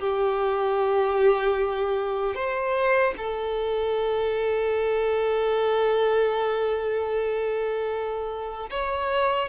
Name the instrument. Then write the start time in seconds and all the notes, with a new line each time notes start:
violin
0.00 G4
2.35 C5
3.18 A4
8.71 C#5